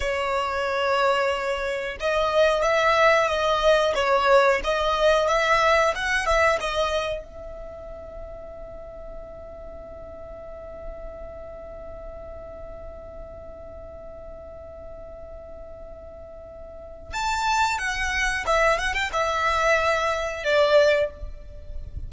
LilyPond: \new Staff \with { instrumentName = "violin" } { \time 4/4 \tempo 4 = 91 cis''2. dis''4 | e''4 dis''4 cis''4 dis''4 | e''4 fis''8 e''8 dis''4 e''4~ | e''1~ |
e''1~ | e''1~ | e''2 a''4 fis''4 | e''8 fis''16 g''16 e''2 d''4 | }